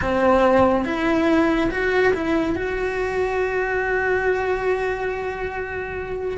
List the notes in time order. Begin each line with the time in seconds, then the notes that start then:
0.01 C4
0.85 E4
1.70 F#4
2.13 E4
2.55 F#4